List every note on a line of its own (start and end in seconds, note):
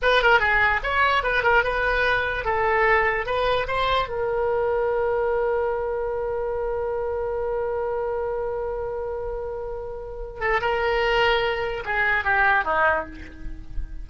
0.02 0.22 B4
0.22 0.39 A#4
0.39 0.80 G#4
0.83 1.23 C#5
1.23 1.43 B4
1.43 1.63 A#4
1.63 2.45 B4
2.45 3.26 A4
3.26 3.66 B4
3.67 4.08 C5
4.08 10.40 A#4
10.40 10.60 A4
10.61 11.83 A#4
11.85 12.24 G#4
12.24 12.64 G4
12.64 13.05 D#4